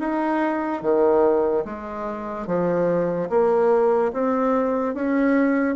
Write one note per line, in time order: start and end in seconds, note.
0.00 0.82 D#4
0.83 1.65 D#3
1.65 2.47 G#3
2.47 3.29 F3
3.30 4.12 A#3
4.13 4.95 C4
4.95 5.76 C#4